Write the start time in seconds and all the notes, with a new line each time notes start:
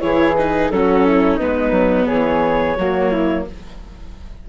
0.00 E3 E4 G#4 C#5
0.35 D#4 B4
0.70 F#3 C#4 F#4 A4
1.06 E4
1.36 G#3 B3 D#4 B4
1.71 F#3
2.07 E3 G#4 C#5
2.77 F#3 A#3 F#4
3.11 E4